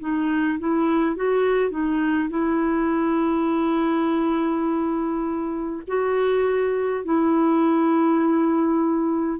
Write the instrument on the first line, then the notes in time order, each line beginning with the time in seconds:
clarinet
0.00 D#4
0.59 E4
1.16 F#4
1.70 D#4
2.29 E4
5.87 F#4
7.04 E4